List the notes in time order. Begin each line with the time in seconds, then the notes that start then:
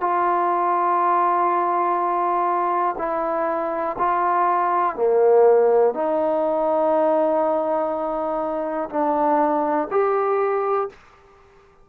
0.00 F4
2.98 E4
3.98 F4
4.95 A#3
5.94 D#4
8.89 D4
9.90 G4